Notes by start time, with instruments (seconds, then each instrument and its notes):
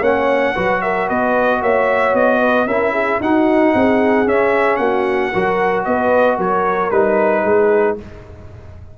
0.00 tuba A#3, trombone C#4, horn C#5, trumpet F#5
0.54 tuba F#3, trombone F#4, horn B4
0.81 horn A#4, trumpet E5
1.07 tuba B3, horn B4, trumpet D#5
1.62 tuba A#3, horn C#5, trumpet E5
2.14 tuba B3, trumpet D#5
2.39 horn B4
2.66 tuba C#4, trombone E4, horn A#4, trumpet E5
2.92 horn G#4
3.20 tuba D#4, trombone D#4, horn F#4, trumpet F#5
3.74 tuba C4, horn G#4
4.26 trombone C#4, tuba C#4, trumpet E5
4.76 tuba A#3, horn F#4, trumpet F#5
5.32 tuba F#3, trombone F#4, horn A#4
5.84 tuba B3, horn B4, trumpet D#5
6.36 tuba F#3, horn A#4, trumpet C#5
6.90 tuba G3, trombone D#4, trumpet B4
7.44 tuba G#3, horn G#4